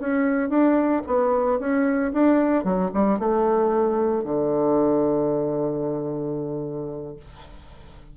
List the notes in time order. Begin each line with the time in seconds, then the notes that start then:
0.00 C#4
0.49 D4
1.07 B3
1.59 C#4
2.13 D4
2.64 F#3
2.94 G3
3.19 A3
4.24 D3